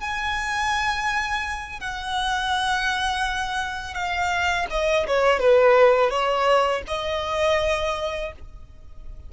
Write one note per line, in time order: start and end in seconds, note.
0.00 1.80 G#5
1.80 3.94 F#5
3.94 4.66 F5
4.70 5.06 D#5
5.07 5.39 C#5
5.39 6.10 B4
6.10 6.82 C#5
6.87 8.32 D#5